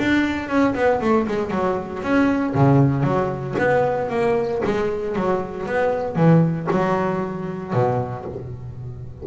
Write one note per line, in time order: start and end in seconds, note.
0.00 0.49 D4
0.49 0.75 C#4
0.75 1.01 B3
1.02 1.27 A3
1.28 1.51 G#3
1.51 2.03 F#3
2.03 2.55 C#4
2.55 3.04 C#3
3.04 3.56 F#3
3.59 4.10 B3
4.10 4.62 A#3
4.65 5.16 G#3
5.16 5.67 F#3
5.67 6.16 B3
6.16 6.68 E3
6.71 7.74 F#3
7.74 8.26 B2